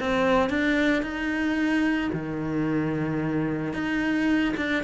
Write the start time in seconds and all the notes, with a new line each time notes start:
0.00 C4
0.50 D4
1.03 D#4
2.13 D#3
3.74 D#4
4.57 D4